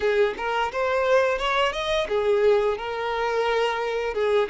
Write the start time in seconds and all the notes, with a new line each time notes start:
0.00 G#4
0.37 A#4
0.71 C5
1.38 C#5
1.72 D#5
2.08 G#4
2.77 A#4
4.14 G#4